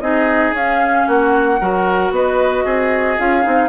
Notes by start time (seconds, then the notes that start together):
0.00 C4 D#4 G#4 D#5
0.52 C#4 F5
1.07 A#3 F#4 F#5
1.60 F#3 F#4 A#4
2.10 B3 B4 D#5
2.64 C4 G#4
3.18 C#4 F4 F5
3.42 C4 D#4